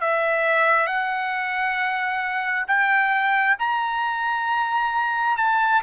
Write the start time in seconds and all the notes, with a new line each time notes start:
0.00 E5
0.86 F#5
2.67 G5
3.59 A#5
5.37 A5